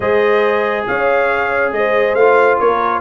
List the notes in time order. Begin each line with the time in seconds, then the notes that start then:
0.00 G#3 G#4 C5 D#5
0.87 C#4 C#5 F5
1.72 G#3 C5 D#5
2.14 A3 F4 F5
2.59 A#3 A#4 C#5